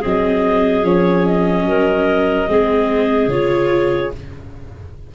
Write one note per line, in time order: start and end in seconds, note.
0.00 0.83 F#3
0.00 0.84 C4
0.00 1.64 G#4
0.00 0.86 D#5
0.83 1.65 F3
0.83 2.48 C#4
0.83 1.26 C#5
1.26 3.30 D#5
1.65 2.47 F#3
1.65 2.50 A#4
2.48 3.28 G#3
2.48 3.30 C4
2.48 4.15 G#4
3.28 4.10 C#3
3.28 4.13 F4
3.28 4.12 C#5